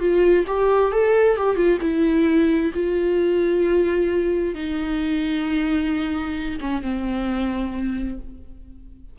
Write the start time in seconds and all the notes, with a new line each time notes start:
0.00 F4
0.47 G4
0.92 A4
1.37 G4
1.56 F4
1.81 E4
2.74 F4
4.55 D#4
6.61 C#4
6.82 C4